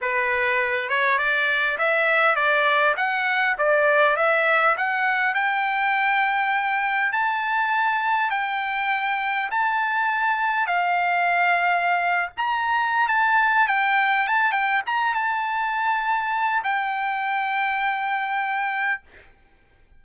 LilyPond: \new Staff \with { instrumentName = "trumpet" } { \time 4/4 \tempo 4 = 101 b'4. cis''8 d''4 e''4 | d''4 fis''4 d''4 e''4 | fis''4 g''2. | a''2 g''2 |
a''2 f''2~ | f''8. ais''4~ ais''16 a''4 g''4 | a''8 g''8 ais''8 a''2~ a''8 | g''1 | }